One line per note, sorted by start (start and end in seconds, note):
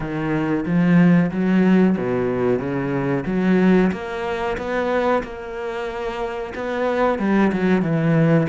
0.00 0.65 D#3
0.65 1.30 F3
1.31 1.96 F#3
1.97 2.59 B2
2.59 3.24 C#3
3.25 3.91 F#3
3.91 4.57 A#3
4.57 5.22 B3
5.23 6.53 A#3
6.54 7.19 B3
7.19 7.51 G3
7.52 7.81 F#3
7.81 8.47 E3